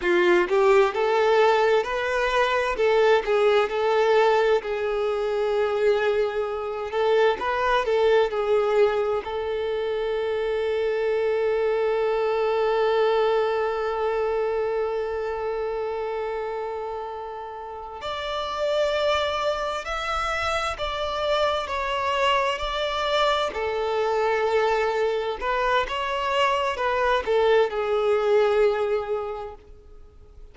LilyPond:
\new Staff \with { instrumentName = "violin" } { \time 4/4 \tempo 4 = 65 f'8 g'8 a'4 b'4 a'8 gis'8 | a'4 gis'2~ gis'8 a'8 | b'8 a'8 gis'4 a'2~ | a'1~ |
a'2.~ a'8 d''8~ | d''4. e''4 d''4 cis''8~ | cis''8 d''4 a'2 b'8 | cis''4 b'8 a'8 gis'2 | }